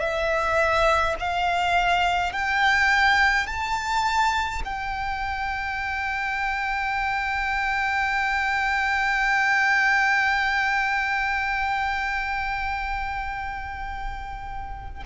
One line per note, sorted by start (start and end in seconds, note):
0.00 1.15 E5
1.19 2.32 F5
2.32 3.47 G5
3.47 4.62 A5
4.65 15.03 G5